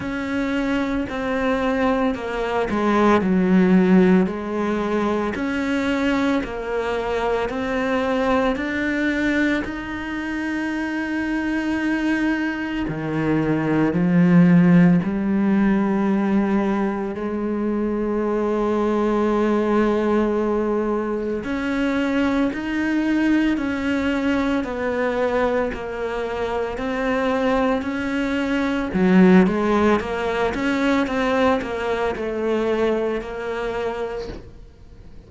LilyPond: \new Staff \with { instrumentName = "cello" } { \time 4/4 \tempo 4 = 56 cis'4 c'4 ais8 gis8 fis4 | gis4 cis'4 ais4 c'4 | d'4 dis'2. | dis4 f4 g2 |
gis1 | cis'4 dis'4 cis'4 b4 | ais4 c'4 cis'4 fis8 gis8 | ais8 cis'8 c'8 ais8 a4 ais4 | }